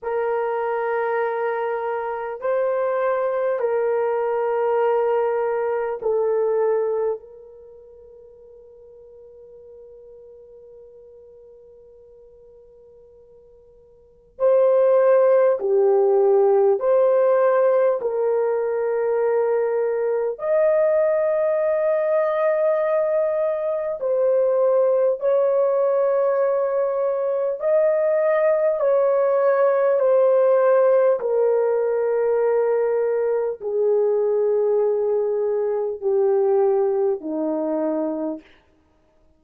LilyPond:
\new Staff \with { instrumentName = "horn" } { \time 4/4 \tempo 4 = 50 ais'2 c''4 ais'4~ | ais'4 a'4 ais'2~ | ais'1 | c''4 g'4 c''4 ais'4~ |
ais'4 dis''2. | c''4 cis''2 dis''4 | cis''4 c''4 ais'2 | gis'2 g'4 dis'4 | }